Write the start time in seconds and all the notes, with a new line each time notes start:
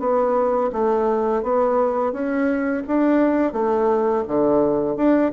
0.00 B3
0.73 A3
1.43 B3
2.13 C#4
2.87 D4
3.53 A3
4.28 D3
4.97 D4